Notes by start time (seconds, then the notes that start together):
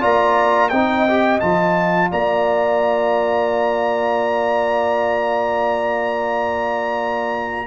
0.00 A#3 F4 D5 A#5
0.69 C4 D#4 D#5 G5
1.08 G4
1.40 F3 F4 A5
2.11 A#3 D5 A#5